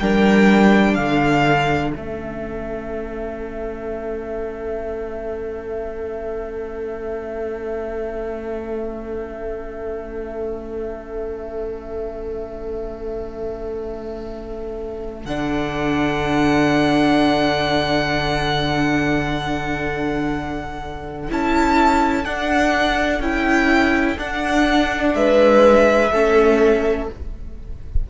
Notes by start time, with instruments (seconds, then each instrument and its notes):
0.00 cello G3, viola D4, violin A#4 G5
0.95 cello D3, violin A4 F5
1.91 cello A3, viola C#4, violin E5
15.25 cello D3, viola D4, violin F#5
21.29 cello C#4, viola E4, violin A5
22.25 viola D4, cello D4, violin F#5
23.20 cello C#4, viola E4, violin G5
24.18 cello D4, viola D4, violin F#5
25.15 cello G#3, violin B4 E5
26.12 cello A3, viola C#4, violin A4